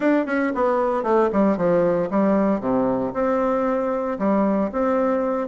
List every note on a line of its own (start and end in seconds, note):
0.00 0.26 D4
0.26 0.52 C#4
0.55 1.03 B3
1.03 1.29 A3
1.32 1.57 G3
1.57 2.09 F3
2.10 2.60 G3
2.60 3.12 C3
3.13 4.17 C4
4.18 4.71 G3
4.71 5.48 C4